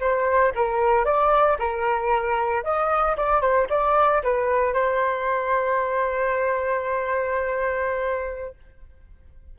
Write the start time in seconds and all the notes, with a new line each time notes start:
0.00 C5
0.55 A#4
1.05 D5
1.59 A#4
2.64 D#5
3.17 D5
3.41 C5
3.70 D5
4.23 B4
4.74 C5